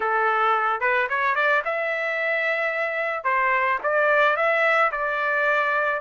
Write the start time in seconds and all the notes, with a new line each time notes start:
0.00 A4
0.80 B4
1.09 C#5
1.35 D5
1.64 E5
3.24 C5
3.83 D5
4.36 E5
4.91 D5